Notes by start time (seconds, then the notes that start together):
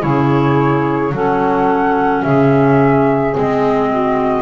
0.00 C#3 E4 G#4 C#5
1.11 F#3 C#4 A4 F#5
2.22 C#3 G#4 E5
3.34 G#3 C4 D#5
3.90 F#4